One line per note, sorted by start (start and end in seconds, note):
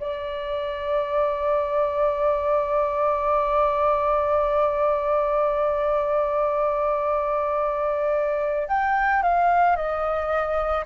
0.00 8.68 D5
8.68 9.22 G5
9.22 9.76 F5
9.76 10.85 D#5